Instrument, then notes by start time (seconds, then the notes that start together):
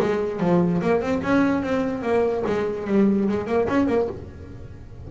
double bass
0.00 G#3
0.40 F3
0.82 A#3
1.01 C4
1.23 C#4
1.63 C4
2.03 A#3
2.47 G#3
2.87 G3
3.29 G#3
3.47 A#3
3.69 C#4
3.88 A#3